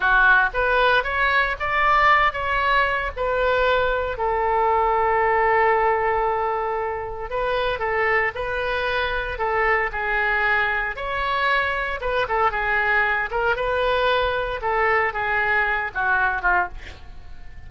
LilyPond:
\new Staff \with { instrumentName = "oboe" } { \time 4/4 \tempo 4 = 115 fis'4 b'4 cis''4 d''4~ | d''8 cis''4. b'2 | a'1~ | a'2 b'4 a'4 |
b'2 a'4 gis'4~ | gis'4 cis''2 b'8 a'8 | gis'4. ais'8 b'2 | a'4 gis'4. fis'4 f'8 | }